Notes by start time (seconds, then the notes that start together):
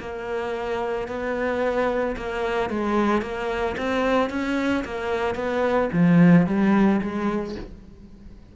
0.00 A#3
1.08 B3
2.17 A#3
2.70 G#3
3.22 A#3
3.78 C4
4.30 C#4
4.85 A#3
5.35 B3
5.93 F3
6.47 G3
7.01 G#3